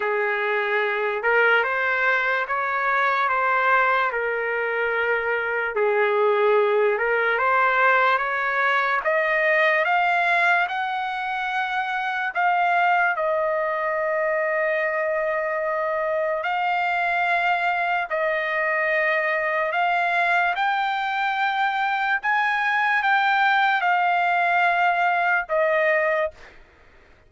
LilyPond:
\new Staff \with { instrumentName = "trumpet" } { \time 4/4 \tempo 4 = 73 gis'4. ais'8 c''4 cis''4 | c''4 ais'2 gis'4~ | gis'8 ais'8 c''4 cis''4 dis''4 | f''4 fis''2 f''4 |
dis''1 | f''2 dis''2 | f''4 g''2 gis''4 | g''4 f''2 dis''4 | }